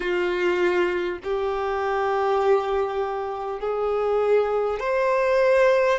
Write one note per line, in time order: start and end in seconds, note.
0.00 1.18 F4
1.23 3.60 G4
3.60 4.79 G#4
4.79 5.99 C5